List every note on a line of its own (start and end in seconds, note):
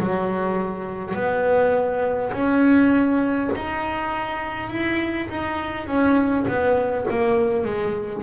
0.00 1.14 F#3
1.14 2.32 B3
2.32 3.50 C#4
3.55 4.69 D#4
4.69 5.28 E4
5.29 5.87 D#4
5.87 6.45 C#4
6.47 7.06 B3
7.10 7.64 A#3
7.64 8.23 G#3